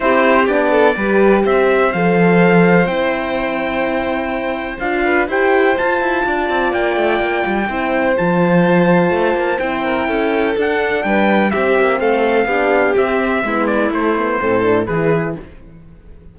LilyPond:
<<
  \new Staff \with { instrumentName = "trumpet" } { \time 4/4 \tempo 4 = 125 c''4 d''2 e''4 | f''2 g''2~ | g''2 f''4 g''4 | a''2 g''2~ |
g''4 a''2. | g''2 fis''4 g''4 | e''4 f''2 e''4~ | e''8 d''8 c''2 b'4 | }
  \new Staff \with { instrumentName = "violin" } { \time 4/4 g'4. a'8 b'4 c''4~ | c''1~ | c''2~ c''8 b'8 c''4~ | c''4 d''2. |
c''1~ | c''8 ais'8 a'2 b'4 | g'4 a'4 g'2 | e'2 a'4 gis'4 | }
  \new Staff \with { instrumentName = "horn" } { \time 4/4 e'4 d'4 g'2 | a'2 e'2~ | e'2 f'4 g'4 | f'1 |
e'4 f'2. | e'2 d'2 | c'2 d'4 c'4 | b4 a8 b8 c'8 d'8 e'4 | }
  \new Staff \with { instrumentName = "cello" } { \time 4/4 c'4 b4 g4 c'4 | f2 c'2~ | c'2 d'4 e'4 | f'8 e'8 d'8 c'8 ais8 a8 ais8 g8 |
c'4 f2 a8 ais8 | c'4 cis'4 d'4 g4 | c'8 ais8 a4 b4 c'4 | gis4 a4 a,4 e4 | }
>>